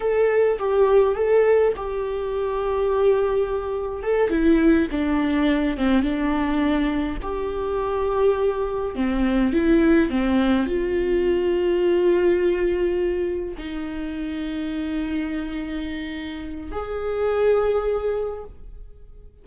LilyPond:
\new Staff \with { instrumentName = "viola" } { \time 4/4 \tempo 4 = 104 a'4 g'4 a'4 g'4~ | g'2. a'8 e'8~ | e'8 d'4. c'8 d'4.~ | d'8 g'2. c'8~ |
c'8 e'4 c'4 f'4.~ | f'2.~ f'8 dis'8~ | dis'1~ | dis'4 gis'2. | }